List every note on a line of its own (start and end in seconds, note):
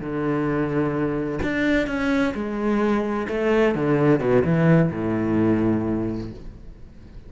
0.00 1.40 D3
1.43 1.87 D4
1.87 2.33 C#4
2.34 3.27 G#3
3.28 3.75 A3
3.75 4.20 D3
4.20 4.43 B2
4.44 4.90 E3
4.91 6.31 A2